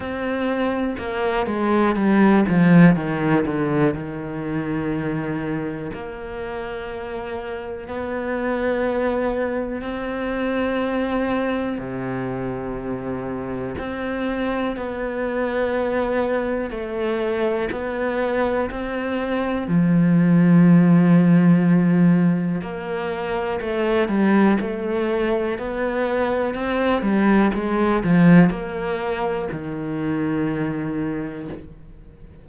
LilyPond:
\new Staff \with { instrumentName = "cello" } { \time 4/4 \tempo 4 = 61 c'4 ais8 gis8 g8 f8 dis8 d8 | dis2 ais2 | b2 c'2 | c2 c'4 b4~ |
b4 a4 b4 c'4 | f2. ais4 | a8 g8 a4 b4 c'8 g8 | gis8 f8 ais4 dis2 | }